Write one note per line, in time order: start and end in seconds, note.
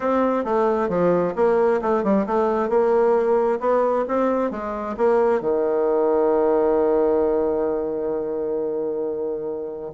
0.00 0.44 C4
0.44 0.89 A3
0.89 1.34 F3
1.35 1.80 A#3
1.81 2.03 A3
2.03 2.26 G3
2.26 2.69 A3
2.69 3.59 A#3
3.59 4.05 B3
4.08 4.50 C4
4.50 4.95 G#3
4.97 5.40 A#3
5.40 9.91 D#3